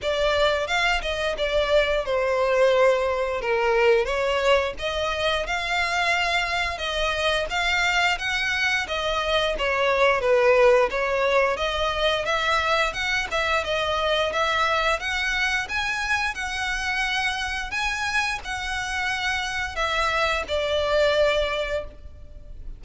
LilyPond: \new Staff \with { instrumentName = "violin" } { \time 4/4 \tempo 4 = 88 d''4 f''8 dis''8 d''4 c''4~ | c''4 ais'4 cis''4 dis''4 | f''2 dis''4 f''4 | fis''4 dis''4 cis''4 b'4 |
cis''4 dis''4 e''4 fis''8 e''8 | dis''4 e''4 fis''4 gis''4 | fis''2 gis''4 fis''4~ | fis''4 e''4 d''2 | }